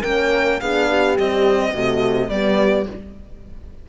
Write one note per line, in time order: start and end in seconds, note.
0.00 0.61 A#3
0.00 0.61 C#4
0.00 0.57 A#4
0.00 0.60 G5
0.60 1.18 B3
0.60 1.17 D4
0.60 0.89 G#4
0.60 1.17 F5
0.89 1.72 G4
1.17 1.74 G3
1.17 1.74 C4
1.17 2.30 D#5
1.72 2.29 C3
1.72 2.31 A3
1.72 2.30 F#4
2.29 2.86 G3
2.29 2.88 B3
2.29 2.89 G4
2.29 2.87 D5